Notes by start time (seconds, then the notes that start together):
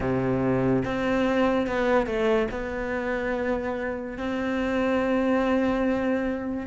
0.00 C3
0.84 C4
1.66 B3
2.06 A3
2.50 B3
4.17 C4